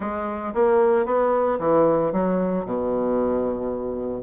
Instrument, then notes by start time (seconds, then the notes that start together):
bassoon
0.00 G#3
0.54 A#3
1.05 B3
1.59 E3
2.12 F#3
2.65 B2